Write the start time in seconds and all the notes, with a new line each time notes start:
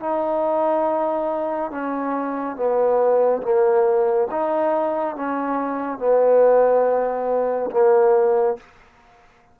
0.00 D#4
1.71 C#4
2.57 B3
3.42 A#3
4.32 D#4
5.16 C#4
5.99 B3
7.71 A#3